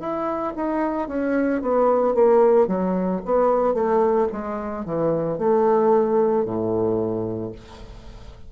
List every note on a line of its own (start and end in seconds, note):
0.00 0.54 E4
0.56 1.09 D#4
1.09 1.62 C#4
1.62 2.15 B3
2.15 2.68 A#3
2.68 3.21 F#3
3.26 3.75 B3
3.75 4.28 A3
4.32 4.86 G#3
4.86 5.38 E3
5.38 6.45 A3
6.45 7.52 A2